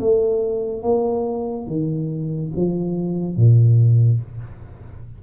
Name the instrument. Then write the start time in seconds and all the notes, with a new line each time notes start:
tuba
0.00 A3
0.83 A#3
1.67 D#3
2.56 F3
3.36 A#2